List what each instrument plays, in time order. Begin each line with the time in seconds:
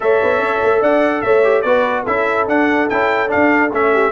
0.00 tuba A3, trombone A4, horn C#5, trumpet E5
0.22 tuba B3
0.38 tuba C#4
0.63 tuba A3
0.81 tuba D4, horn D5, trumpet F#5
1.21 tuba A3, horn C#5, trumpet E5
1.43 trombone G4
1.61 tuba B3, trombone F#4, horn B4, trumpet D5
2.03 tuba C#4, trombone E4, horn A4, trumpet E5
2.47 tuba D4, trombone D4, trumpet F#5
2.89 tuba C#4, trombone E4, trumpet G5
3.27 trombone D4, trumpet F5
3.34 tuba D4
3.72 tuba A3, trombone C#4, trumpet E5
3.92 horn G4